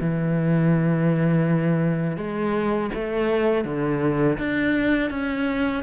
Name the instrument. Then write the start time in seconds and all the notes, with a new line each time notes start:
cello
0.00 E3
2.17 G#3
2.94 A3
3.65 D3
4.38 D4
5.10 C#4